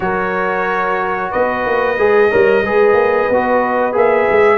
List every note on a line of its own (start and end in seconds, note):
0.00 1.30 F#3
0.00 1.97 F#4
0.00 1.30 A#4
0.00 1.31 C#5
1.30 1.66 B3
1.30 2.29 B4
1.30 3.95 D#5
1.66 1.98 A#3
1.98 2.31 G#3
1.98 2.31 G#4
2.30 2.61 G3
2.30 2.64 A#4
2.30 2.63 C#5
2.61 2.93 G#3
2.61 3.30 G#4
2.61 4.58 B4
2.93 3.26 A#3
3.29 3.93 B3
3.29 3.92 F#4
3.92 4.26 A#3
3.92 4.58 G#4
3.92 4.58 E5
4.30 4.58 G#3